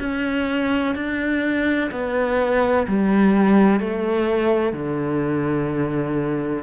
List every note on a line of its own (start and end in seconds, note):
0.00 0.95 C#4
0.95 1.90 D4
1.91 2.87 B3
2.87 3.80 G3
3.80 4.73 A3
4.73 6.63 D3